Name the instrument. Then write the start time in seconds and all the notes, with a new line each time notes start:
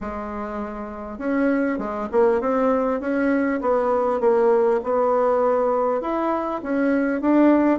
bassoon
0.00 G#3
1.18 C#4
1.78 G#3
2.11 A#3
2.40 C4
3.00 C#4
3.61 B3
4.20 A#3
4.83 B3
6.01 E4
6.62 C#4
7.21 D4